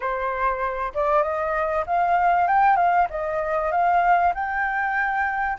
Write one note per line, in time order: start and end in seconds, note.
0.00 0.92 C5
0.94 1.22 D5
1.22 1.84 D#5
1.86 2.47 F5
2.47 2.76 G5
2.76 3.07 F5
3.10 3.71 D#5
3.71 4.33 F5
4.34 5.58 G5